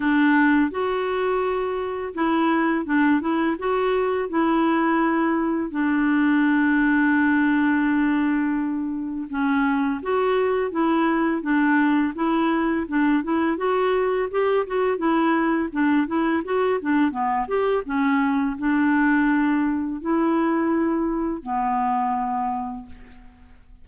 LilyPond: \new Staff \with { instrumentName = "clarinet" } { \time 4/4 \tempo 4 = 84 d'4 fis'2 e'4 | d'8 e'8 fis'4 e'2 | d'1~ | d'4 cis'4 fis'4 e'4 |
d'4 e'4 d'8 e'8 fis'4 | g'8 fis'8 e'4 d'8 e'8 fis'8 d'8 | b8 g'8 cis'4 d'2 | e'2 b2 | }